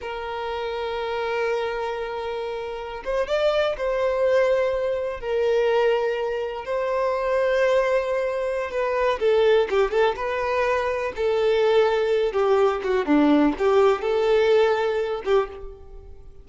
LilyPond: \new Staff \with { instrumentName = "violin" } { \time 4/4 \tempo 4 = 124 ais'1~ | ais'2~ ais'16 c''8 d''4 c''16~ | c''2~ c''8. ais'4~ ais'16~ | ais'4.~ ais'16 c''2~ c''16~ |
c''2 b'4 a'4 | g'8 a'8 b'2 a'4~ | a'4. g'4 fis'8 d'4 | g'4 a'2~ a'8 g'8 | }